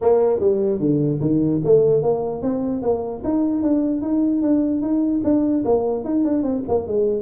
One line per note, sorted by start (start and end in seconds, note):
0.01 0.39 A#3
0.39 0.79 G3
0.79 1.19 D3
1.20 1.61 D#3
1.64 2.02 A3
2.02 2.42 A#3
2.42 2.82 C4
2.82 3.22 A#3
3.23 3.62 D#4
3.62 4.01 D4
4.01 4.42 D#4
4.42 4.81 D4
4.81 5.21 D#4
5.23 5.64 D4
5.65 6.04 A#3
6.04 6.24 D#4
6.24 6.42 D4
6.42 6.63 C4
6.68 6.87 A#3
6.87 7.22 G#3